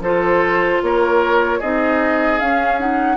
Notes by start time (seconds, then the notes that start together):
0.00 F3 F4 A4 C5
0.83 A#3 A#4 C#5
1.59 C4 D#4 G#4 D#5
2.40 C#4 F5
2.80 D#4 F#5